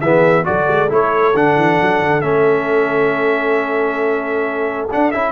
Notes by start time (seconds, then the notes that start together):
0.00 E3 B3 G#4 E5
0.44 F#3 F#4 A4 D5
0.67 G#3
0.89 A3 E4 C#5
1.34 D3 D4 F#5
1.56 E3
1.81 F#3
2.00 D3
2.21 A3 C#4 E5
4.90 D4 F#5
5.11 C#4 E4 E5